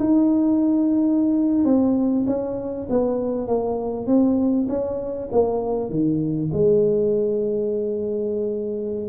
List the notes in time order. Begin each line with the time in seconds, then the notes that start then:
0.00 D#4
1.65 C4
2.27 C#4
2.90 B3
3.48 A#3
4.07 C4
4.69 C#4
5.32 A#3
5.90 D#3
6.53 G#3